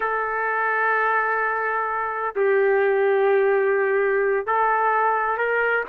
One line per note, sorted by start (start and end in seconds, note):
0.00 2.34 A4
2.35 4.46 G4
4.46 5.37 A4
5.37 5.84 A#4